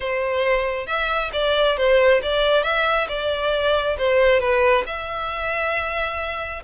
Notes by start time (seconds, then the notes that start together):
0.00 C5
0.86 E5
1.33 D5
1.77 C5
2.22 D5
2.63 E5
3.08 D5
3.97 C5
4.40 B4
4.86 E5